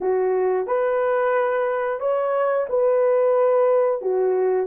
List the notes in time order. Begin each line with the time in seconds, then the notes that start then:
0.01 F#4
0.67 B4
2.00 C#5
2.68 B4
4.02 F#4